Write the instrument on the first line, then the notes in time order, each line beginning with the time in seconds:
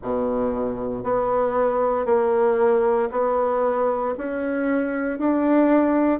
bassoon
0.02 B2
1.03 B3
2.05 A#3
3.11 B3
4.17 C#4
5.18 D4